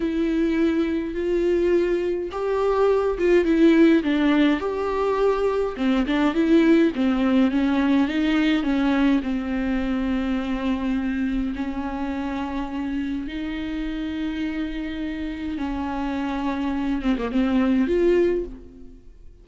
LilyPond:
\new Staff \with { instrumentName = "viola" } { \time 4/4 \tempo 4 = 104 e'2 f'2 | g'4. f'8 e'4 d'4 | g'2 c'8 d'8 e'4 | c'4 cis'4 dis'4 cis'4 |
c'1 | cis'2. dis'4~ | dis'2. cis'4~ | cis'4. c'16 ais16 c'4 f'4 | }